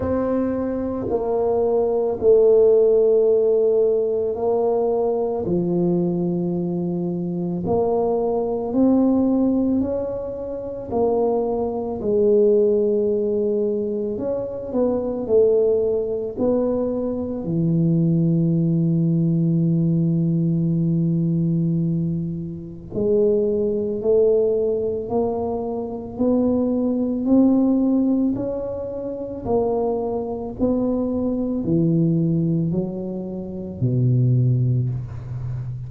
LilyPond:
\new Staff \with { instrumentName = "tuba" } { \time 4/4 \tempo 4 = 55 c'4 ais4 a2 | ais4 f2 ais4 | c'4 cis'4 ais4 gis4~ | gis4 cis'8 b8 a4 b4 |
e1~ | e4 gis4 a4 ais4 | b4 c'4 cis'4 ais4 | b4 e4 fis4 b,4 | }